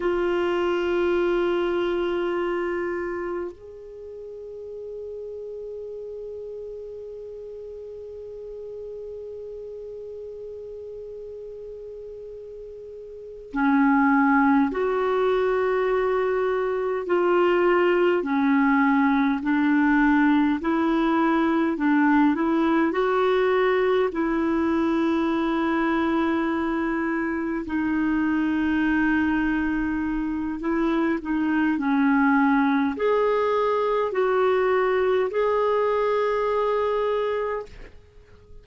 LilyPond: \new Staff \with { instrumentName = "clarinet" } { \time 4/4 \tempo 4 = 51 f'2. gis'4~ | gis'1~ | gis'2.~ gis'8 cis'8~ | cis'8 fis'2 f'4 cis'8~ |
cis'8 d'4 e'4 d'8 e'8 fis'8~ | fis'8 e'2. dis'8~ | dis'2 e'8 dis'8 cis'4 | gis'4 fis'4 gis'2 | }